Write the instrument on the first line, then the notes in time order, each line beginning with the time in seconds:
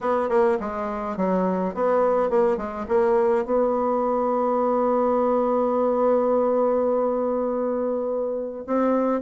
bassoon
0.00 B3
0.29 A#3
0.60 G#3
1.16 F#3
1.74 B3
2.30 A#3
2.57 G#3
2.88 A#3
3.45 B3
8.66 C4